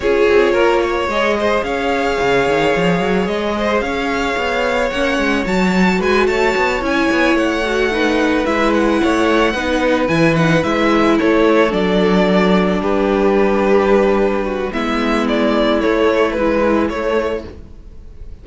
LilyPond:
<<
  \new Staff \with { instrumentName = "violin" } { \time 4/4 \tempo 4 = 110 cis''2 dis''4 f''4~ | f''2 dis''4 f''4~ | f''4 fis''4 a''4 gis''8 a''8~ | a''8 gis''4 fis''2 e''8 |
fis''2~ fis''8 gis''8 fis''8 e''8~ | e''8 cis''4 d''2 b'8~ | b'2. e''4 | d''4 cis''4 b'4 cis''4 | }
  \new Staff \with { instrumentName = "violin" } { \time 4/4 gis'4 ais'8 cis''4 c''8 cis''4~ | cis''2~ cis''8 c''8 cis''4~ | cis''2. b'8 cis''8~ | cis''2~ cis''8 b'4.~ |
b'8 cis''4 b'2~ b'8~ | b'8 a'2. g'8~ | g'2~ g'8 fis'8 e'4~ | e'1 | }
  \new Staff \with { instrumentName = "viola" } { \time 4/4 f'2 gis'2~ | gis'1~ | gis'4 cis'4 fis'2~ | fis'8 e'4. fis'8 dis'4 e'8~ |
e'4. dis'4 e'8 dis'8 e'8~ | e'4. d'2~ d'8~ | d'2. b4~ | b4 a4 e4 a4 | }
  \new Staff \with { instrumentName = "cello" } { \time 4/4 cis'8 c'8 ais4 gis4 cis'4 | cis8 dis8 f8 fis8 gis4 cis'4 | b4 ais8 gis8 fis4 gis8 a8 | b8 cis'8 b8 a2 gis8~ |
gis8 a4 b4 e4 gis8~ | gis8 a4 fis2 g8~ | g2. gis4~ | gis4 a4 gis4 a4 | }
>>